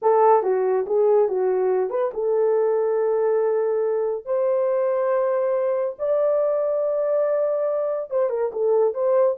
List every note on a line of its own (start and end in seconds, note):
0.01 0.43 A4
0.43 0.85 F#4
0.86 1.28 G#4
1.28 1.90 F#4
1.90 2.11 B4
2.13 4.25 A4
4.25 5.95 C5
5.98 8.10 D5
8.10 8.29 C5
8.29 8.51 A#4
8.52 8.94 A4
8.94 9.36 C5